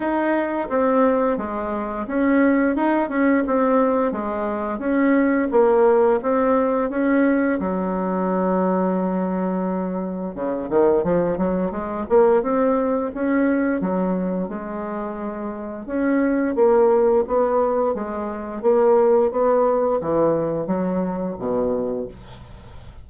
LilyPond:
\new Staff \with { instrumentName = "bassoon" } { \time 4/4 \tempo 4 = 87 dis'4 c'4 gis4 cis'4 | dis'8 cis'8 c'4 gis4 cis'4 | ais4 c'4 cis'4 fis4~ | fis2. cis8 dis8 |
f8 fis8 gis8 ais8 c'4 cis'4 | fis4 gis2 cis'4 | ais4 b4 gis4 ais4 | b4 e4 fis4 b,4 | }